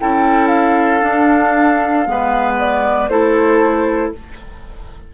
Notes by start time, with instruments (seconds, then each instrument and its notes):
0.00 bassoon C#4, clarinet E4, oboe A4, flute G5
0.47 flute F5
1.01 clarinet D4, bassoon D4
2.06 bassoon G#3, clarinet B3, oboe B4
2.59 flute D5
3.08 bassoon A3, clarinet E4, oboe A4, flute C5